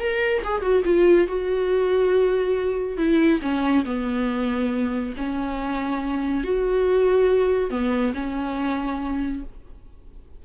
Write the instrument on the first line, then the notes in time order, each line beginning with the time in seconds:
viola
0.00 A#4
0.45 G#4
0.62 F#4
0.85 F4
1.28 F#4
2.98 E4
3.42 C#4
3.85 B3
5.18 C#4
6.44 F#4
7.71 B3
8.15 C#4